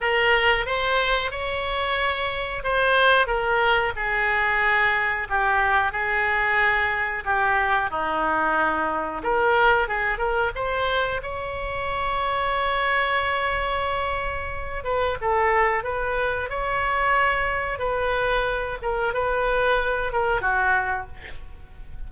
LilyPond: \new Staff \with { instrumentName = "oboe" } { \time 4/4 \tempo 4 = 91 ais'4 c''4 cis''2 | c''4 ais'4 gis'2 | g'4 gis'2 g'4 | dis'2 ais'4 gis'8 ais'8 |
c''4 cis''2.~ | cis''2~ cis''8 b'8 a'4 | b'4 cis''2 b'4~ | b'8 ais'8 b'4. ais'8 fis'4 | }